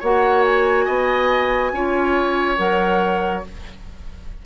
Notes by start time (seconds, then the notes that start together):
0.00 A#3 F#4 C#5 F#5
0.44 G#5
0.85 B3 D#5
1.72 C#4 F4 C#5
2.57 F#3 A#4 F#5